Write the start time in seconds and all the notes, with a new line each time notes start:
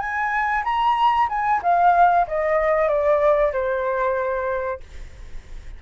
0.00 G#5
0.65 A#5
1.29 G#5
1.63 F5
2.28 D#5
2.88 D5
3.53 C5